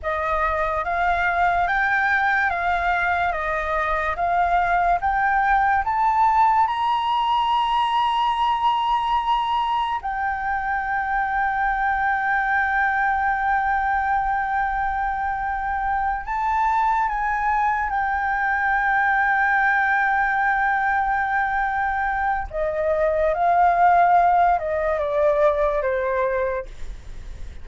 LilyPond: \new Staff \with { instrumentName = "flute" } { \time 4/4 \tempo 4 = 72 dis''4 f''4 g''4 f''4 | dis''4 f''4 g''4 a''4 | ais''1 | g''1~ |
g''2.~ g''8 a''8~ | a''8 gis''4 g''2~ g''8~ | g''2. dis''4 | f''4. dis''8 d''4 c''4 | }